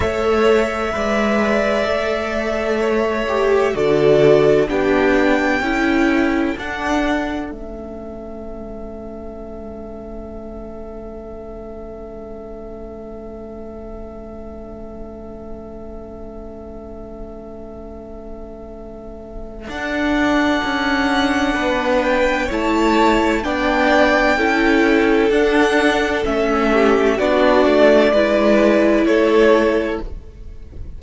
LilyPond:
<<
  \new Staff \with { instrumentName = "violin" } { \time 4/4 \tempo 4 = 64 e''1 | d''4 g''2 fis''4 | e''1~ | e''1~ |
e''1~ | e''4 fis''2~ fis''8 g''8 | a''4 g''2 fis''4 | e''4 d''2 cis''4 | }
  \new Staff \with { instrumentName = "violin" } { \time 4/4 cis''4 d''2 cis''4 | a'4 g'4 a'2~ | a'1~ | a'1~ |
a'1~ | a'2. b'4 | cis''4 d''4 a'2~ | a'8 g'8 fis'4 b'4 a'4 | }
  \new Staff \with { instrumentName = "viola" } { \time 4/4 a'4 b'4 a'4. g'8 | fis'4 d'4 e'4 d'4 | cis'1~ | cis'1~ |
cis'1~ | cis'4 d'2. | e'4 d'4 e'4 d'4 | cis'4 d'4 e'2 | }
  \new Staff \with { instrumentName = "cello" } { \time 4/4 a4 gis4 a2 | d4 b4 cis'4 d'4 | a1~ | a1~ |
a1~ | a4 d'4 cis'4 b4 | a4 b4 cis'4 d'4 | a4 b8 a8 gis4 a4 | }
>>